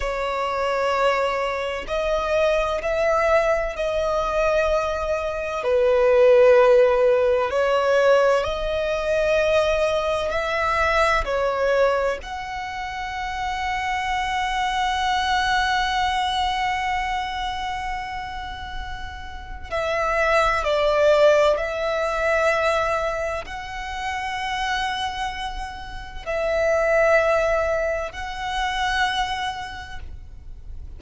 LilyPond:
\new Staff \with { instrumentName = "violin" } { \time 4/4 \tempo 4 = 64 cis''2 dis''4 e''4 | dis''2 b'2 | cis''4 dis''2 e''4 | cis''4 fis''2.~ |
fis''1~ | fis''4 e''4 d''4 e''4~ | e''4 fis''2. | e''2 fis''2 | }